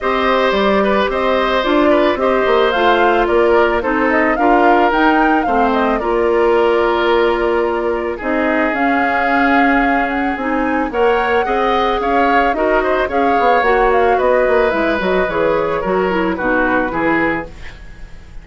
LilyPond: <<
  \new Staff \with { instrumentName = "flute" } { \time 4/4 \tempo 4 = 110 dis''4 d''4 dis''4 d''4 | dis''4 f''4 d''4 c''8 dis''8 | f''4 g''4 f''8 dis''8 d''4~ | d''2. dis''4 |
f''2~ f''8 fis''8 gis''4 | fis''2 f''4 dis''4 | f''4 fis''8 f''8 dis''4 e''8 dis''8 | cis''2 b'2 | }
  \new Staff \with { instrumentName = "oboe" } { \time 4/4 c''4. b'8 c''4. b'8 | c''2 ais'4 a'4 | ais'2 c''4 ais'4~ | ais'2. gis'4~ |
gis'1 | cis''4 dis''4 cis''4 ais'8 c''8 | cis''2 b'2~ | b'4 ais'4 fis'4 gis'4 | }
  \new Staff \with { instrumentName = "clarinet" } { \time 4/4 g'2. f'4 | g'4 f'2 dis'4 | f'4 dis'4 c'4 f'4~ | f'2. dis'4 |
cis'2. dis'4 | ais'4 gis'2 fis'4 | gis'4 fis'2 e'8 fis'8 | gis'4 fis'8 e'8 dis'4 e'4 | }
  \new Staff \with { instrumentName = "bassoon" } { \time 4/4 c'4 g4 c'4 d'4 | c'8 ais8 a4 ais4 c'4 | d'4 dis'4 a4 ais4~ | ais2. c'4 |
cis'2. c'4 | ais4 c'4 cis'4 dis'4 | cis'8 b8 ais4 b8 ais8 gis8 fis8 | e4 fis4 b,4 e4 | }
>>